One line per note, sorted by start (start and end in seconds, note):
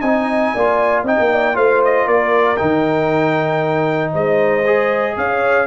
0.00 0.53 C4
0.00 0.51 D#5
0.00 1.04 G#5
0.06 0.57 D#4
0.54 1.04 A#3
0.54 1.07 F4
0.54 1.05 D5
1.04 1.16 C4
1.04 1.54 D#4
1.04 1.30 D#5
1.04 1.57 G5
1.19 1.56 A#3
1.32 1.56 D5
1.54 2.07 A3
1.54 2.57 F4
1.54 2.07 C5
1.54 1.82 F5
1.85 2.08 D#5
2.07 2.58 A#3
2.07 4.12 A#4
2.07 2.57 D5
2.57 4.14 D#3
2.57 4.64 D#4
2.57 4.11 G5
4.12 5.17 G#3
4.12 5.15 C5
4.12 5.17 D#5
4.66 5.67 G#4
5.17 5.67 C#4
5.17 5.67 C#5
5.17 5.67 F5